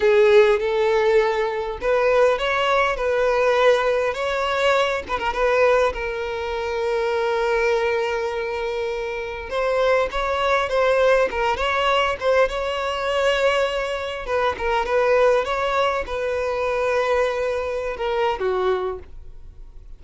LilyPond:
\new Staff \with { instrumentName = "violin" } { \time 4/4 \tempo 4 = 101 gis'4 a'2 b'4 | cis''4 b'2 cis''4~ | cis''8 b'16 ais'16 b'4 ais'2~ | ais'1 |
c''4 cis''4 c''4 ais'8 cis''8~ | cis''8 c''8 cis''2. | b'8 ais'8 b'4 cis''4 b'4~ | b'2~ b'16 ais'8. fis'4 | }